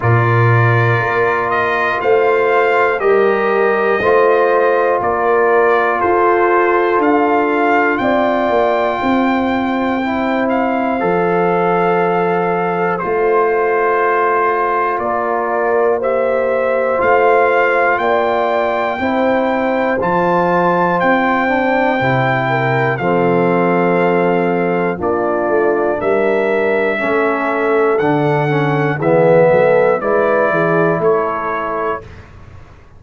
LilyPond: <<
  \new Staff \with { instrumentName = "trumpet" } { \time 4/4 \tempo 4 = 60 d''4. dis''8 f''4 dis''4~ | dis''4 d''4 c''4 f''4 | g''2~ g''8 f''4.~ | f''4 c''2 d''4 |
e''4 f''4 g''2 | a''4 g''2 f''4~ | f''4 d''4 e''2 | fis''4 e''4 d''4 cis''4 | }
  \new Staff \with { instrumentName = "horn" } { \time 4/4 ais'2 c''4 ais'4 | c''4 ais'4 a'2 | d''4 c''2.~ | c''2. ais'4 |
c''2 d''4 c''4~ | c''2~ c''8 ais'8 a'4~ | a'4 f'4 ais'4 a'4~ | a'4 gis'8 a'8 b'8 gis'8 a'4 | }
  \new Staff \with { instrumentName = "trombone" } { \time 4/4 f'2. g'4 | f'1~ | f'2 e'4 a'4~ | a'4 f'2. |
g'4 f'2 e'4 | f'4. d'8 e'4 c'4~ | c'4 d'2 cis'4 | d'8 cis'8 b4 e'2 | }
  \new Staff \with { instrumentName = "tuba" } { \time 4/4 ais,4 ais4 a4 g4 | a4 ais4 f'4 d'4 | c'8 ais8 c'2 f4~ | f4 a2 ais4~ |
ais4 a4 ais4 c'4 | f4 c'4 c4 f4~ | f4 ais8 a8 g4 a4 | d4 e8 fis8 gis8 e8 a4 | }
>>